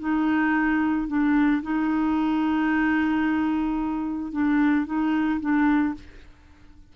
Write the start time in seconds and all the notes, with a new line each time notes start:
0.00 D#4
1.08 D4
1.63 D#4
4.32 D4
4.86 D#4
5.41 D4